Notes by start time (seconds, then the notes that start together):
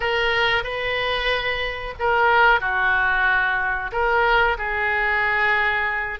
0.00 A#4
0.63 B4
1.99 A#4
2.60 F#4
3.92 A#4
4.58 G#4